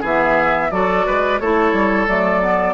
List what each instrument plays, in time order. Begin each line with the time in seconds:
0.00 bassoon E3, clarinet B3, oboe G#4, flute E5
0.70 bassoon F#3, clarinet F#4, oboe A4, flute D5
1.06 bassoon G#3, oboe B4
1.39 bassoon A3, clarinet E4, oboe A4, flute C#5
1.73 bassoon G3
2.07 bassoon F#3, clarinet A3, flute D5
2.42 clarinet B3